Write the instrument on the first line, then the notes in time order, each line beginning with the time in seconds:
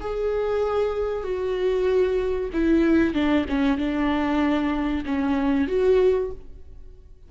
viola
0.00 G#4
1.23 F#4
2.53 E4
3.13 D4
3.49 C#4
3.77 D4
5.05 C#4
5.67 F#4